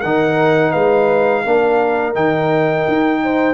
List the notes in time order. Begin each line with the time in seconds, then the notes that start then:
0.00 D#3 D#4 A#4 F#5
0.71 G#3 B4 F5
1.45 A#3 D4 A#4
2.14 D#3 D#4 G5
2.87 D#4
3.23 C5